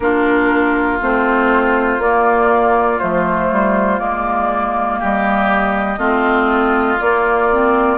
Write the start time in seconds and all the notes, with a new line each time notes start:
0.00 A#3 D4 F4 A#4
1.01 A3 C4 C5
1.98 A#3 D5
2.99 F3 A3 C5
3.51 G3
3.98 G#3 A#3 D5
4.99 G3 G4 D#5
5.97 A3 C4 F4
7.00 A#3 D5
7.51 C4